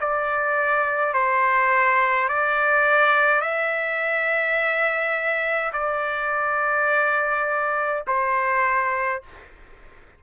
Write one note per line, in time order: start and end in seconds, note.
0.00 1.13 D5
1.13 2.29 C5
2.29 3.41 D5
3.41 5.72 E5
5.73 8.03 D5
8.07 9.22 C5